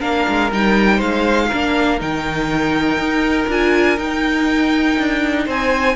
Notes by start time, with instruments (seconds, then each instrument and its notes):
0.00 cello A#3, viola D4, violin A#4 F5
0.29 cello G#3
0.52 cello G3, viola D#4, violin G5
0.97 cello G#3, violin C5 F5
1.48 cello A#3, viola D4, violin A#4
2.00 cello D#3, viola D#4, violin G5
2.98 cello D#4
3.48 cello D4, viola F4, violin G#5
3.98 cello D#4, viola D#4, violin G5
4.98 cello D4
5.46 cello C4, violin C5 G#5